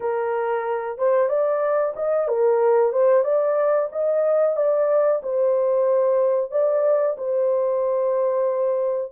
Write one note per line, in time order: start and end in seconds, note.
0.00 0.98 A#4
0.98 1.28 C5
1.28 1.94 D5
1.96 2.28 D#5
2.28 2.92 A#4
2.92 3.23 C5
3.23 3.89 D5
3.92 4.56 D#5
4.56 5.21 D5
5.22 6.51 C5
6.51 7.16 D5
7.17 9.12 C5